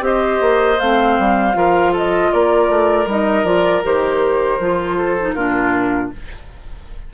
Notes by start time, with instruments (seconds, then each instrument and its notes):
0.00 bassoon C4, clarinet G4, oboe C5, flute D#5
0.40 bassoon A#3
0.79 bassoon A3, clarinet C4, flute F5
1.18 bassoon G3
1.53 bassoon F3, clarinet F4, oboe A#4
1.92 oboe A4, flute D#5
2.32 bassoon A#3, oboe A#4, flute D5
2.69 bassoon A3
3.06 bassoon G3, clarinet D#4, flute D#5
3.43 bassoon F3, clarinet F4, flute D5
3.83 bassoon D#3, clarinet G4, flute C5
4.59 bassoon F3, clarinet F4
4.97 oboe A4
5.20 clarinet D#4
5.34 bassoon A#2, clarinet D4, oboe F4, flute A#4